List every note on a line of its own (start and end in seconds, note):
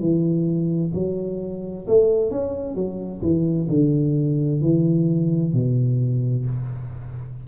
0.00 0.92 E3
0.94 1.87 F#3
1.88 2.31 A3
2.31 2.75 C#4
2.75 3.21 F#3
3.22 3.68 E3
3.69 4.62 D3
4.62 5.53 E3
5.53 6.46 B2